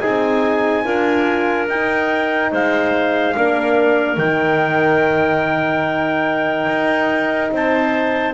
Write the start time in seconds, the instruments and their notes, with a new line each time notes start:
0.00 double bass C4, horn D#4, clarinet G#4, trumpet G#5
0.85 double bass D4, horn F4, clarinet A#4
1.69 double bass D#4, horn D#4, trumpet G5
2.51 double bass G#3, clarinet C5, trumpet F5
3.36 double bass A#3, horn D4, clarinet A#4
4.17 double bass D#3, horn D#4, trumpet G5
6.68 double bass D#4
7.52 double bass C4, clarinet C5, trumpet A5